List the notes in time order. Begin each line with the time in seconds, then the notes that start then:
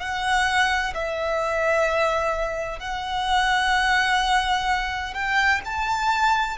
0.00 F#5
0.95 E5
2.80 F#5
5.14 G5
5.65 A5